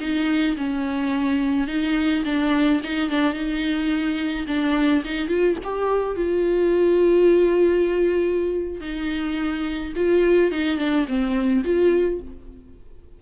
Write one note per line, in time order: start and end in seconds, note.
0.00 0.56 D#4
0.57 1.67 C#4
1.67 2.24 D#4
2.25 2.81 D4
2.83 3.10 D#4
3.10 3.33 D4
3.33 4.46 D#4
4.47 5.03 D4
5.04 5.28 D#4
5.28 5.56 F4
5.64 6.16 G4
6.16 8.80 F4
8.80 9.93 D#4
9.95 10.51 F4
10.51 10.78 D#4
10.78 11.06 D4
11.07 11.64 C4
11.64 12.20 F4